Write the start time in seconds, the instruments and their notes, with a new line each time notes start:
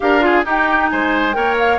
0.00 bassoon D4, clarinet G4, oboe A#4, flute F5
0.20 clarinet F4, oboe G#4
0.44 clarinet D#4, bassoon D#4, oboe G4, flute G5
0.89 bassoon G#3, oboe C5, flute G#5
1.32 bassoon A#3, clarinet A#4, oboe C#5, flute G5
1.59 flute F5